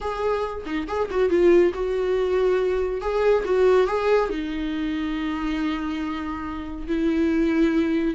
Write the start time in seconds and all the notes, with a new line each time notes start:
0.00 G#4
0.65 D#4
0.87 G#4
1.10 F#4
1.29 F4
1.74 F#4
3.01 G#4
3.44 F#4
3.87 G#4
4.29 D#4
6.87 E4